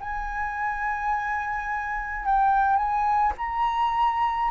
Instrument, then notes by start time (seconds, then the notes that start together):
flute
0.00 G#5
2.25 G5
2.76 G#5
3.38 A#5